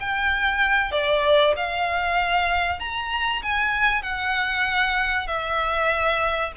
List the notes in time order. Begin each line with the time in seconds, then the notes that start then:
0.00 G5
0.91 D5
1.56 F5
2.80 A#5
3.42 G#5
4.03 F#5
5.27 E5